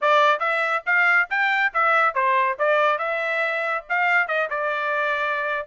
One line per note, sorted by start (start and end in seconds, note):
0.01 0.39 D5
0.39 0.82 E5
0.86 1.29 F5
1.30 1.72 G5
1.73 2.14 E5
2.14 2.57 C5
2.58 2.98 D5
2.98 3.84 E5
3.89 4.27 F5
4.27 4.48 D#5
4.50 5.66 D5